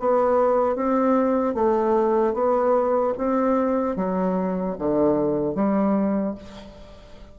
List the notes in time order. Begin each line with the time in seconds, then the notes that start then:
0.00 B3
0.76 C4
1.55 A3
2.34 B3
3.18 C4
3.96 F#3
4.79 D3
5.55 G3